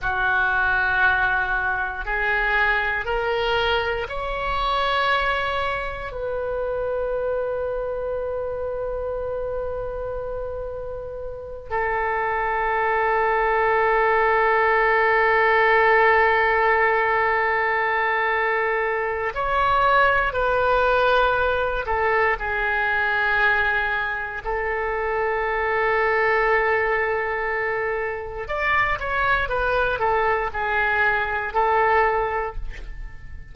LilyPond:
\new Staff \with { instrumentName = "oboe" } { \time 4/4 \tempo 4 = 59 fis'2 gis'4 ais'4 | cis''2 b'2~ | b'2.~ b'8 a'8~ | a'1~ |
a'2. cis''4 | b'4. a'8 gis'2 | a'1 | d''8 cis''8 b'8 a'8 gis'4 a'4 | }